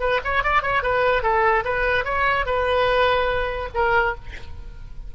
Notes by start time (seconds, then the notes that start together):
0.00 B4
0.25 C#5
0.44 D5
0.63 C#5
0.83 B4
1.23 A4
1.65 B4
2.05 C#5
2.46 B4
3.74 A#4